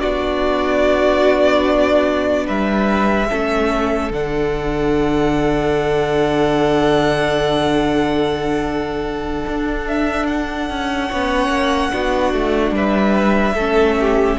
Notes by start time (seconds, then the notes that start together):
0.00 B3 D4 F#4 D5
2.46 G3 B4 E5
3.29 A3 C#4 A4
4.11 D3 D4 F#5
9.47 D4
9.87 E5
10.27 F#5
10.70 C#4
11.09 B3 C#4 C#5
11.49 A#3
11.92 B3 D4 F#4
12.33 A3
12.71 G3 B4 E5
13.55 A3 C#4 A4
14.00 G4